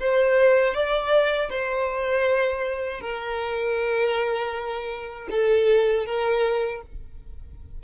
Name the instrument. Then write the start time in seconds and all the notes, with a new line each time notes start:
violin
0.00 C5
0.74 D5
1.50 C5
3.01 A#4
5.30 A4
6.06 A#4